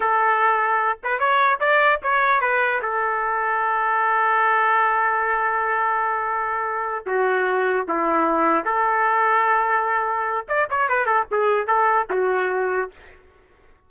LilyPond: \new Staff \with { instrumentName = "trumpet" } { \time 4/4 \tempo 4 = 149 a'2~ a'8 b'8 cis''4 | d''4 cis''4 b'4 a'4~ | a'1~ | a'1~ |
a'4. fis'2 e'8~ | e'4. a'2~ a'8~ | a'2 d''8 cis''8 b'8 a'8 | gis'4 a'4 fis'2 | }